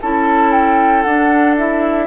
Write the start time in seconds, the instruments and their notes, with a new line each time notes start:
0.00 bassoon C#4, clarinet E4, oboe A4, flute A5
0.51 flute G5
1.02 bassoon D4, clarinet D4, flute F#5
1.57 clarinet E4, flute E5